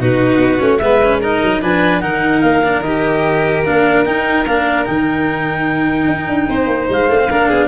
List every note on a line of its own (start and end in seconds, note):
0.00 0.38 B2
0.00 0.59 D#4
0.00 0.82 F#4
0.00 0.77 B4
0.38 0.58 B3
0.59 0.80 A3
0.59 0.79 C#4
0.77 1.41 G#3
0.77 1.02 B3
0.77 1.21 B4
0.77 1.18 E5
1.03 1.22 C#4
1.21 1.62 D#4
1.21 1.61 A#4
1.21 1.63 D#5
1.42 1.62 F#3
1.62 2.03 F3
1.62 2.02 D4
1.62 2.02 B4
1.62 2.01 G#5
2.01 2.43 D#3
2.01 2.63 D#4
2.01 6.48 A#4
2.01 2.41 F#5
2.41 2.81 A#3
2.41 2.82 F5
2.64 2.84 D4
2.81 3.62 D#3
2.81 3.65 G4
2.81 3.63 D#5
3.65 4.07 A#3
3.65 4.06 D4
3.65 4.05 F5
4.05 4.46 D#4
4.05 4.47 D#4
4.05 4.46 G5
4.47 4.87 A#3
4.47 4.86 D4
4.47 4.86 F5
4.86 6.08 D#3
4.86 7.09 D#4
4.86 6.88 G5
6.08 6.27 D#4
6.27 6.48 D4
6.49 6.67 C4
6.49 7.30 C5
6.67 6.87 A#3
6.90 7.09 G#3
6.90 7.68 F5
7.09 7.29 A3
7.09 7.19 D4
7.19 7.29 C4
7.30 7.51 A#3
7.30 7.68 D4
7.30 7.49 A#4
7.49 7.68 B3
7.49 7.68 G#4